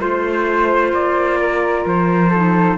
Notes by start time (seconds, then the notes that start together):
0.00 A3 F4 C5
0.93 A#3 D5
1.41 A#4
1.86 F3 C5
2.31 D#4 A4